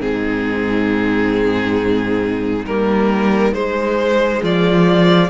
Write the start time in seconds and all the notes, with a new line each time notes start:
0.00 G#2 C4 D#4 G#4
2.65 G3 A#3 A#4
3.53 G#3 C5
4.42 F3 F4 D5